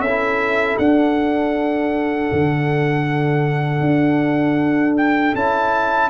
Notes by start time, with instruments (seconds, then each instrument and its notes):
0.00 tuba C#4, horn A4, trumpet E5
0.07 trombone E4
0.78 tuba D4, trombone D4, trumpet F#5
2.32 tuba D3
3.80 tuba D4
4.97 trumpet G5
5.34 tuba C#4, trombone E4, trumpet A5